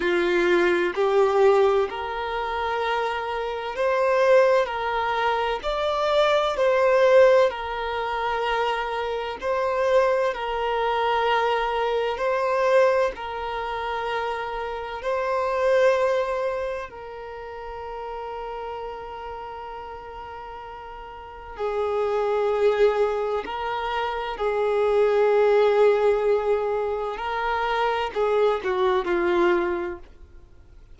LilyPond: \new Staff \with { instrumentName = "violin" } { \time 4/4 \tempo 4 = 64 f'4 g'4 ais'2 | c''4 ais'4 d''4 c''4 | ais'2 c''4 ais'4~ | ais'4 c''4 ais'2 |
c''2 ais'2~ | ais'2. gis'4~ | gis'4 ais'4 gis'2~ | gis'4 ais'4 gis'8 fis'8 f'4 | }